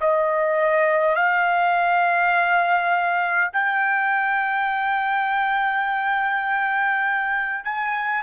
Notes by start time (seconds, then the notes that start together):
0.00 D#5
1.16 F5
3.52 G5
7.64 G#5